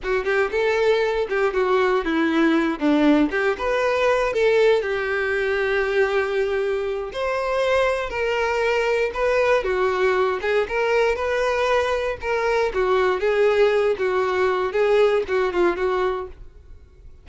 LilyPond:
\new Staff \with { instrumentName = "violin" } { \time 4/4 \tempo 4 = 118 fis'8 g'8 a'4. g'8 fis'4 | e'4. d'4 g'8 b'4~ | b'8 a'4 g'2~ g'8~ | g'2 c''2 |
ais'2 b'4 fis'4~ | fis'8 gis'8 ais'4 b'2 | ais'4 fis'4 gis'4. fis'8~ | fis'4 gis'4 fis'8 f'8 fis'4 | }